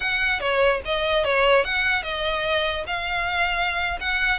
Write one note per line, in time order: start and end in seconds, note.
0.00 0.40 F#5
0.40 0.81 C#5
0.85 1.24 D#5
1.24 1.64 C#5
1.64 2.02 F#5
2.02 2.84 D#5
2.86 3.99 F5
4.00 4.39 F#5